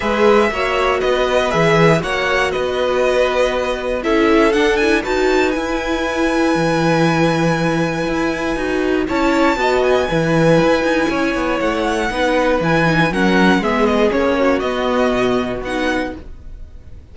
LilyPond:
<<
  \new Staff \with { instrumentName = "violin" } { \time 4/4 \tempo 4 = 119 e''2 dis''4 e''4 | fis''4 dis''2. | e''4 fis''8 gis''8 a''4 gis''4~ | gis''1~ |
gis''2 a''4. gis''8~ | gis''2. fis''4~ | fis''4 gis''4 fis''4 e''8 dis''8 | cis''4 dis''2 fis''4 | }
  \new Staff \with { instrumentName = "violin" } { \time 4/4 b'4 cis''4 b'2 | cis''4 b'2. | a'2 b'2~ | b'1~ |
b'2 cis''4 dis''4 | b'2 cis''2 | b'2 ais'4 gis'4~ | gis'8 fis'2.~ fis'8 | }
  \new Staff \with { instrumentName = "viola" } { \time 4/4 gis'4 fis'2 gis'4 | fis'1 | e'4 d'8 e'8 fis'4 e'4~ | e'1~ |
e'4 fis'4 e'4 fis'4 | e'1 | dis'4 e'8 dis'8 cis'4 b4 | cis'4 b2 dis'4 | }
  \new Staff \with { instrumentName = "cello" } { \time 4/4 gis4 ais4 b4 e4 | ais4 b2. | cis'4 d'4 dis'4 e'4~ | e'4 e2. |
e'4 dis'4 cis'4 b4 | e4 e'8 dis'8 cis'8 b8 a4 | b4 e4 fis4 gis4 | ais4 b4 b,4 b4 | }
>>